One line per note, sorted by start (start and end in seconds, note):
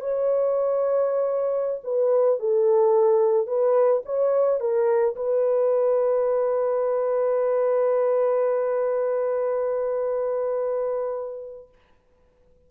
0.00 1.81 C#5
1.83 2.39 B4
2.39 3.47 A4
3.47 4.02 B4
4.05 4.60 C#5
4.60 5.15 A#4
5.16 11.68 B4